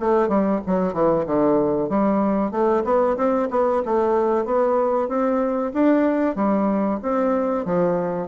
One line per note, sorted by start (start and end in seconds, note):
0.00 0.28 A3
0.28 0.60 G3
0.66 0.93 F#3
0.93 1.25 E3
1.26 1.89 D3
1.89 2.51 G3
2.51 2.83 A3
2.84 3.16 B3
3.17 3.49 C4
3.50 3.82 B3
3.85 4.45 A3
4.45 5.08 B3
5.08 5.72 C4
5.73 6.36 D4
6.36 6.99 G3
7.02 7.65 C4
7.65 8.27 F3